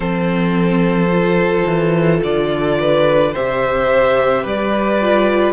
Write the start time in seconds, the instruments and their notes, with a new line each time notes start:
0.00 cello F3, viola C4, violin A4 C5
1.11 viola F4
1.66 cello E3
2.23 cello D3, violin D5
2.80 violin B4
3.32 cello C3, viola G4, violin C5 E5
4.43 cello G3, violin B4 D5
5.01 viola F4